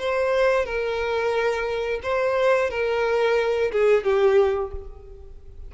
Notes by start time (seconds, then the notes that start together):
0.00 C5
0.66 A#4
2.03 C5
2.71 A#4
3.72 G#4
4.04 G4